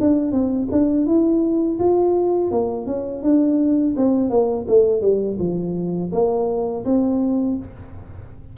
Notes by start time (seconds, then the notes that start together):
0.00 D4
0.32 C4
0.71 D4
1.06 E4
1.79 F4
2.51 A#3
2.86 C#4
3.23 D4
3.96 C4
4.29 A#3
4.68 A3
5.01 G3
5.39 F3
6.12 A#3
6.84 C4